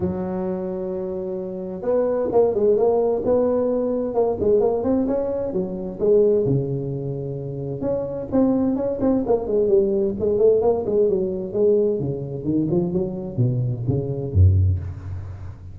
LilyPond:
\new Staff \with { instrumentName = "tuba" } { \time 4/4 \tempo 4 = 130 fis1 | b4 ais8 gis8 ais4 b4~ | b4 ais8 gis8 ais8 c'8 cis'4 | fis4 gis4 cis2~ |
cis4 cis'4 c'4 cis'8 c'8 | ais8 gis8 g4 gis8 a8 ais8 gis8 | fis4 gis4 cis4 dis8 f8 | fis4 b,4 cis4 fis,4 | }